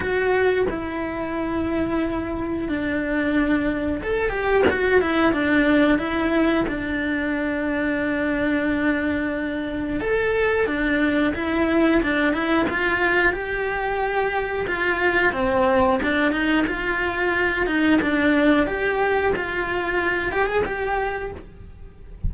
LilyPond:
\new Staff \with { instrumentName = "cello" } { \time 4/4 \tempo 4 = 90 fis'4 e'2. | d'2 a'8 g'8 fis'8 e'8 | d'4 e'4 d'2~ | d'2. a'4 |
d'4 e'4 d'8 e'8 f'4 | g'2 f'4 c'4 | d'8 dis'8 f'4. dis'8 d'4 | g'4 f'4. g'16 gis'16 g'4 | }